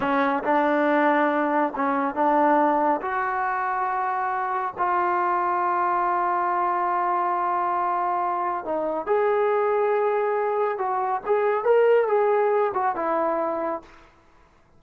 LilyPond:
\new Staff \with { instrumentName = "trombone" } { \time 4/4 \tempo 4 = 139 cis'4 d'2. | cis'4 d'2 fis'4~ | fis'2. f'4~ | f'1~ |
f'1 | dis'4 gis'2.~ | gis'4 fis'4 gis'4 ais'4 | gis'4. fis'8 e'2 | }